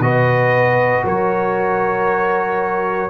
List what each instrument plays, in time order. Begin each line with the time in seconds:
0.00 tuba B2, trombone F#4, horn B4, trumpet D#5
1.04 tuba F#3, horn A#4, trumpet C#5